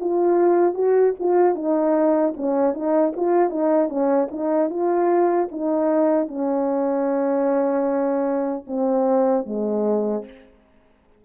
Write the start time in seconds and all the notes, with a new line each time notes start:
0.00 F4
0.74 F#4
1.19 F4
1.55 D#4
2.36 C#4
2.73 D#4
3.16 F4
3.50 D#4
3.89 C#4
4.31 D#4
4.69 F4
5.51 D#4
6.28 C#4
8.67 C4
9.46 G#3